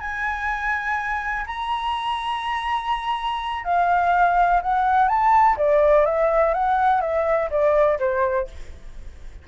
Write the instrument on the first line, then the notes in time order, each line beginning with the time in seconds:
flute
0.00 G#5
1.46 A#5
3.64 F5
4.61 F#5
5.08 A5
5.57 D5
6.05 E5
6.54 F#5
7.01 E5
7.50 D5
7.99 C5